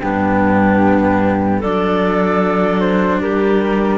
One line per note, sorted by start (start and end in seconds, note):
0.00 1.62 G2
0.00 1.62 B3
0.00 1.58 D4
0.00 1.61 G4
1.58 3.21 F#3
1.58 3.98 D4
1.58 3.18 A4
1.58 2.80 D5
2.80 3.20 C5
3.20 3.98 G3
3.20 3.98 G4
3.20 3.98 A#4